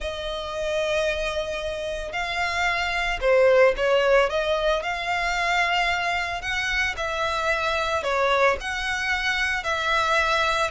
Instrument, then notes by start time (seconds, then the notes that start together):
violin
0.00 D#5
2.12 F5
3.20 C5
3.76 C#5
4.29 D#5
4.82 F5
6.41 F#5
6.96 E5
8.03 C#5
8.60 F#5
9.63 E5